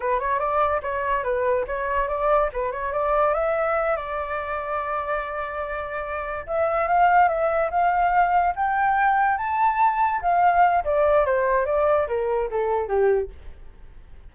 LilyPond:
\new Staff \with { instrumentName = "flute" } { \time 4/4 \tempo 4 = 144 b'8 cis''8 d''4 cis''4 b'4 | cis''4 d''4 b'8 cis''8 d''4 | e''4. d''2~ d''8~ | d''2.~ d''8 e''8~ |
e''8 f''4 e''4 f''4.~ | f''8 g''2 a''4.~ | a''8 f''4. d''4 c''4 | d''4 ais'4 a'4 g'4 | }